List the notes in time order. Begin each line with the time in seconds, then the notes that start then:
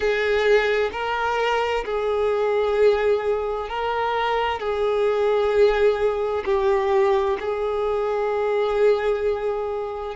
0.00 G#4
0.91 A#4
1.85 G#4
3.69 A#4
4.59 G#4
6.45 G4
7.39 G#4